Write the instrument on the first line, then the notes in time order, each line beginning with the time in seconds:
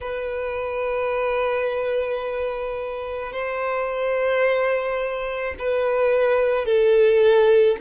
violin
0.01 B4
3.32 C5
5.59 B4
6.65 A4